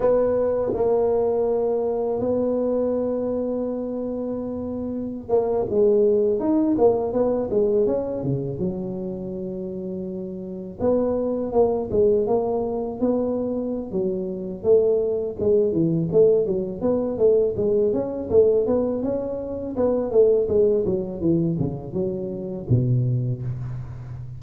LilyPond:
\new Staff \with { instrumentName = "tuba" } { \time 4/4 \tempo 4 = 82 b4 ais2 b4~ | b2.~ b16 ais8 gis16~ | gis8. dis'8 ais8 b8 gis8 cis'8 cis8 fis16~ | fis2~ fis8. b4 ais16~ |
ais16 gis8 ais4 b4~ b16 fis4 | a4 gis8 e8 a8 fis8 b8 a8 | gis8 cis'8 a8 b8 cis'4 b8 a8 | gis8 fis8 e8 cis8 fis4 b,4 | }